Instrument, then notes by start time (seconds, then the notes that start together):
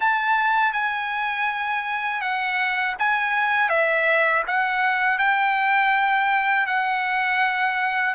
trumpet
0.00 A5
0.72 G#5
2.21 F#5
2.98 G#5
3.69 E5
4.47 F#5
5.18 G5
6.66 F#5